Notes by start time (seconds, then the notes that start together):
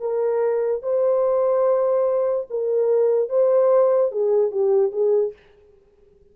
0.00 A#4
0.82 C5
2.50 A#4
3.29 C5
4.12 G#4
4.51 G4
4.92 G#4